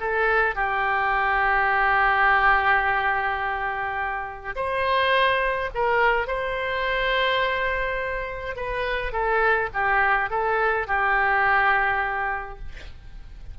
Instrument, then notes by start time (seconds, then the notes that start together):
oboe
0.00 A4
0.56 G4
4.56 C5
5.75 A#4
6.28 C5
8.56 B4
9.12 A4
9.74 G4
10.30 A4
10.88 G4